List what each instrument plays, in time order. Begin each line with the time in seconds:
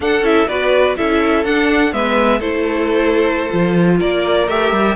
0.00 cello D4, viola D4, violin A4 F#5
0.21 cello C#4, viola E4, violin E5
0.47 cello B3, viola F#4, violin B4 D5
0.96 cello C#4, viola E4, violin A4 E5
1.44 cello D4, viola D4, violin F#5
1.91 cello G#3, viola B3, violin B4 E5
2.39 cello A3, viola E4, violin A4 C5
3.50 cello F3, viola F4
3.99 cello A#3, violin A#4 D5
4.48 cello A3, viola G4, violin E5
4.71 cello G3